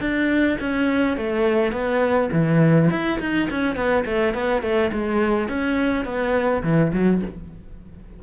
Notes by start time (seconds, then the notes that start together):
0.00 D4
0.60 C#4
1.16 A3
1.72 B3
2.32 E3
2.90 E4
3.20 D#4
3.50 C#4
3.75 B3
4.05 A3
4.34 B3
4.62 A3
4.92 G#3
5.48 C#4
6.05 B3
6.63 E3
6.93 F#3